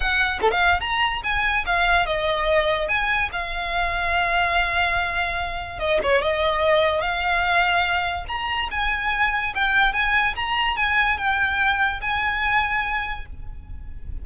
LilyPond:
\new Staff \with { instrumentName = "violin" } { \time 4/4 \tempo 4 = 145 fis''4 a'16 f''8. ais''4 gis''4 | f''4 dis''2 gis''4 | f''1~ | f''2 dis''8 cis''8 dis''4~ |
dis''4 f''2. | ais''4 gis''2 g''4 | gis''4 ais''4 gis''4 g''4~ | g''4 gis''2. | }